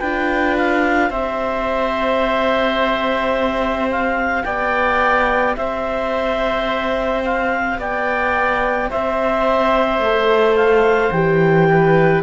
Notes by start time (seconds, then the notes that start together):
0.00 D4 F4 B4 G5
0.58 F5
1.10 C4 G4 C5 E5
3.91 F5
4.44 B3 D5 G5
5.56 C4 C5 E5
7.24 F5
7.79 B3 D5 G5
8.90 C4 C5 E5
9.99 A3 A4
10.56 F5
11.12 E3 G4 G5
11.71 B4